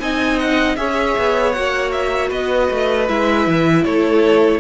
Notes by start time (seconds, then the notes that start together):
0.00 C4 D#4 D#5 G#5
0.39 F#5
0.76 C#4 G#4 C#5 E5
1.18 B3
1.52 A#3 F#4 F#5
1.92 E5
2.29 B3 B4 D#5
2.71 A3
3.08 G#3 E4 E5
3.47 E3
3.84 A3 A4 C#5